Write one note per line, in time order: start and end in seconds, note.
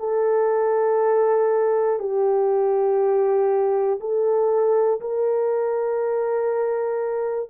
0.00 2.00 A4
2.00 4.00 G4
4.00 5.00 A4
5.01 7.50 A#4